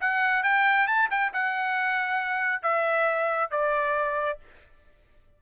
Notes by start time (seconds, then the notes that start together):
0.00 F#5
0.43 G5
0.87 A5
1.10 G5
1.33 F#5
2.62 E5
3.51 D5